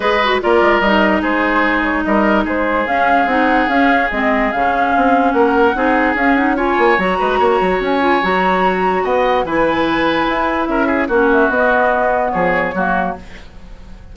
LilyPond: <<
  \new Staff \with { instrumentName = "flute" } { \time 4/4 \tempo 4 = 146 dis''4 d''4 dis''4 c''4~ | c''8 cis''8 dis''4 c''4 f''4 | fis''4 f''4 dis''4 f''4~ | f''4 fis''2 f''8 fis''8 |
gis''4 ais''2 gis''4 | ais''2 fis''4 gis''4~ | gis''2 e''4 fis''8 e''8 | dis''2 cis''2 | }
  \new Staff \with { instrumentName = "oboe" } { \time 4/4 b'4 ais'2 gis'4~ | gis'4 ais'4 gis'2~ | gis'1~ | gis'4 ais'4 gis'2 |
cis''4. b'8 cis''2~ | cis''2 dis''4 b'4~ | b'2 ais'8 gis'8 fis'4~ | fis'2 gis'4 fis'4 | }
  \new Staff \with { instrumentName = "clarinet" } { \time 4/4 gis'8 fis'8 f'4 dis'2~ | dis'2. cis'4 | dis'4 cis'4 c'4 cis'4~ | cis'2 dis'4 cis'8 dis'8 |
f'4 fis'2~ fis'8 f'8 | fis'2. e'4~ | e'2. cis'4 | b2. ais4 | }
  \new Staff \with { instrumentName = "bassoon" } { \time 4/4 gis4 ais8 gis8 g4 gis4~ | gis4 g4 gis4 cis'4 | c'4 cis'4 gis4 cis4 | c'4 ais4 c'4 cis'4~ |
cis'8 ais8 fis8 gis8 ais8 fis8 cis'4 | fis2 b4 e4~ | e4 e'4 cis'4 ais4 | b2 f4 fis4 | }
>>